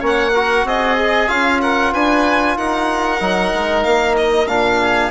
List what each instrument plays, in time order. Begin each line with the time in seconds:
0.00 bassoon A#3, trombone C#4, oboe C#5
0.06 violin F#5
0.34 trombone F#4, oboe A#4
0.64 bassoon C4, oboe G#4, violin D#5
0.98 trombone G#4
1.28 bassoon C#4, trombone F4, violin F5
1.62 oboe A#4, violin F#5
1.93 bassoon D4, oboe B4, violin G#5
2.57 bassoon D#4, oboe A#4, violin F#5
3.20 bassoon F#3, trombone D#4
3.54 bassoon G#3
3.83 bassoon A#3, violin F5
4.17 violin D#5
4.48 bassoon A#2, trombone D4, violin F5
4.81 oboe G#4